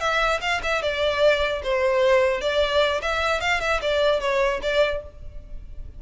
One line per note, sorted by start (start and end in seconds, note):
0.00 0.40 E5
0.41 0.61 F5
0.63 0.82 E5
0.82 1.62 D5
1.63 2.41 C5
2.41 3.01 D5
3.01 3.40 E5
3.40 3.60 F5
3.60 3.80 E5
3.81 4.20 D5
4.20 4.60 C#5
4.62 5.02 D5